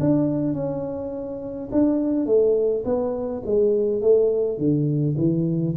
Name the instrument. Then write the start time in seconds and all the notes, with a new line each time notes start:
tuba
0.00 D4
0.54 C#4
1.72 D4
2.26 A3
2.85 B3
3.46 G#3
4.02 A3
4.58 D3
5.18 E3